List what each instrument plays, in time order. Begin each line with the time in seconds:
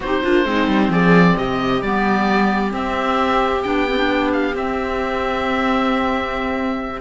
0.00 cello C4, clarinet D#4, viola G4, oboe C5
0.22 cello A#3, clarinet D4, viola F4
0.45 cello G#3, clarinet C4, viola D#4
0.67 cello G3
0.88 cello F3, viola G#4, oboe D5
1.36 cello C3, viola G4, oboe D#5
1.81 cello G3, clarinet B3, oboe D5
2.70 clarinet C4, cello C4, oboe E5
3.63 cello B3, clarinet D4, oboe G5
3.87 clarinet C4
3.96 clarinet D4
4.32 oboe F5
4.53 cello C4, clarinet C4, oboe E5